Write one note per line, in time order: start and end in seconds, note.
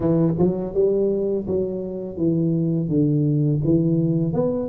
0.00 0.33 E3
0.38 0.74 F#3
0.74 1.46 G3
1.47 2.17 F#3
2.17 2.88 E3
2.88 3.60 D3
3.64 4.33 E3
4.33 4.68 B3